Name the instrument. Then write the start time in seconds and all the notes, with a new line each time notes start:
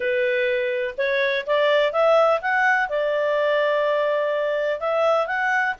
clarinet
0.00 B4
0.97 C#5
1.46 D5
1.92 E5
2.41 F#5
2.89 D5
4.80 E5
5.26 F#5